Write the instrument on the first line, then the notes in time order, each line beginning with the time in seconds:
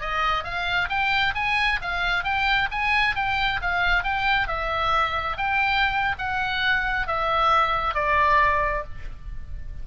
oboe
0.00 D#5
0.44 F5
0.89 G5
1.35 G#5
1.81 F5
2.24 G5
2.71 G#5
3.15 G5
3.61 F5
4.03 G5
4.47 E5
5.37 G5
6.18 F#5
7.07 E5
7.94 D5